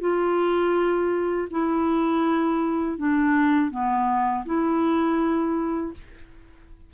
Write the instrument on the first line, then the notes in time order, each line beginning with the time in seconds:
clarinet
0.00 F4
1.51 E4
2.98 D4
3.70 B3
4.45 E4